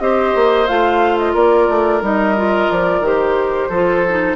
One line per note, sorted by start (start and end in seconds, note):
0.00 0.34 C4
0.00 0.68 G4
0.00 1.33 C5
0.00 0.67 D#5
0.36 0.69 A#3
0.67 1.35 A3
0.67 2.02 F4
0.67 1.18 F5
1.18 1.35 D#5
1.33 1.69 A#3
1.33 3.69 A#4
1.33 2.03 D5
1.69 2.02 A3
2.02 2.69 G3
2.02 2.36 D#4
2.02 2.72 D#5
2.37 3.04 F4
2.71 3.00 F3
2.71 3.05 D5
3.00 3.68 D#3
3.00 3.71 G4
3.00 4.36 C5
3.69 4.36 F3
3.69 4.08 F4
3.69 4.36 A4
4.09 4.36 D#4